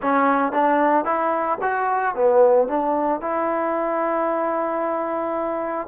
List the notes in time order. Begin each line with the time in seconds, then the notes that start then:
0.02 C#4
0.52 D4
1.04 E4
1.61 F#4
2.15 B3
2.67 D4
3.20 E4